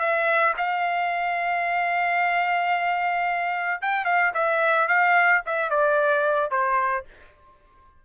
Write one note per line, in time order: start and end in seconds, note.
0.00 0.54 E5
0.57 3.82 F5
3.82 4.05 G5
4.05 4.32 F5
4.34 4.88 E5
4.88 5.42 F5
5.46 5.71 E5
5.71 6.51 D5
6.51 7.05 C5